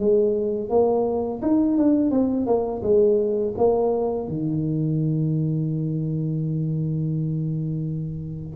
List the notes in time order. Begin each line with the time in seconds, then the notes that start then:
0.00 G#3
0.70 A#3
1.42 D#4
1.78 D4
2.11 C4
2.47 A#3
2.83 G#3
3.58 A#3
4.28 D#3